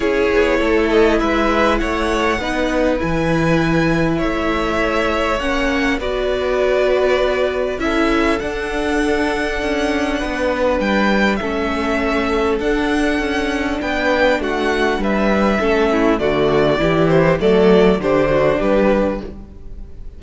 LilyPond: <<
  \new Staff \with { instrumentName = "violin" } { \time 4/4 \tempo 4 = 100 cis''4. dis''8 e''4 fis''4~ | fis''4 gis''2 e''4~ | e''4 fis''4 d''2~ | d''4 e''4 fis''2~ |
fis''2 g''4 e''4~ | e''4 fis''2 g''4 | fis''4 e''2 d''4~ | d''8 c''8 d''4 c''4 b'4 | }
  \new Staff \with { instrumentName = "violin" } { \time 4/4 gis'4 a'4 b'4 cis''4 | b'2. cis''4~ | cis''2 b'2~ | b'4 a'2.~ |
a'4 b'2 a'4~ | a'2. b'4 | fis'4 b'4 a'8 e'8 fis'4 | g'4 a'4 g'8 fis'8 g'4 | }
  \new Staff \with { instrumentName = "viola" } { \time 4/4 e'1 | dis'4 e'2.~ | e'4 cis'4 fis'2~ | fis'4 e'4 d'2~ |
d'2. cis'4~ | cis'4 d'2.~ | d'2 cis'4 a4 | e'4 a4 d'2 | }
  \new Staff \with { instrumentName = "cello" } { \time 4/4 cis'8 b8 a4 gis4 a4 | b4 e2 a4~ | a4 ais4 b2~ | b4 cis'4 d'2 |
cis'4 b4 g4 a4~ | a4 d'4 cis'4 b4 | a4 g4 a4 d4 | e4 fis4 d4 g4 | }
>>